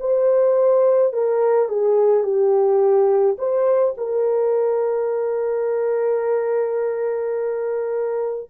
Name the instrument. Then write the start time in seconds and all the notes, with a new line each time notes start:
horn
0.00 C5
1.13 A#4
1.69 G#4
2.24 G4
3.39 C5
3.98 A#4